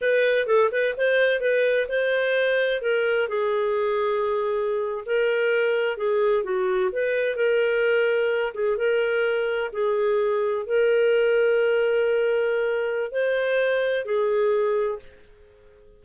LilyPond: \new Staff \with { instrumentName = "clarinet" } { \time 4/4 \tempo 4 = 128 b'4 a'8 b'8 c''4 b'4 | c''2 ais'4 gis'4~ | gis'2~ gis'8. ais'4~ ais'16~ | ais'8. gis'4 fis'4 b'4 ais'16~ |
ais'2~ ais'16 gis'8 ais'4~ ais'16~ | ais'8. gis'2 ais'4~ ais'16~ | ais'1 | c''2 gis'2 | }